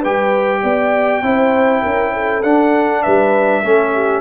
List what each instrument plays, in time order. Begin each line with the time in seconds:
0.00 tuba G3, trombone G4, horn B4, trumpet G5
0.62 tuba B3, horn D5
1.22 tuba C4, trombone E4, horn C5
1.82 tuba C#4, horn A#4
2.13 horn A4
2.42 tuba D4, trombone D4, trumpet F#5
3.02 tuba G3, horn B4, trumpet E5
3.62 tuba A3, trombone C#4, horn A4
3.94 horn G4